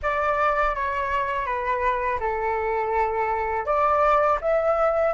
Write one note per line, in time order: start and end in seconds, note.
0.02 0.75 D5
0.75 1.46 C#5
1.46 2.19 B4
2.20 3.65 A4
3.65 4.38 D5
4.41 5.13 E5